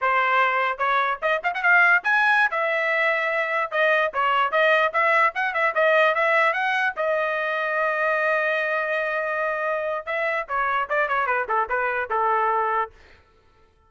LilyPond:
\new Staff \with { instrumentName = "trumpet" } { \time 4/4 \tempo 4 = 149 c''2 cis''4 dis''8 f''16 fis''16 | f''4 gis''4~ gis''16 e''4.~ e''16~ | e''4~ e''16 dis''4 cis''4 dis''8.~ | dis''16 e''4 fis''8 e''8 dis''4 e''8.~ |
e''16 fis''4 dis''2~ dis''8.~ | dis''1~ | dis''4 e''4 cis''4 d''8 cis''8 | b'8 a'8 b'4 a'2 | }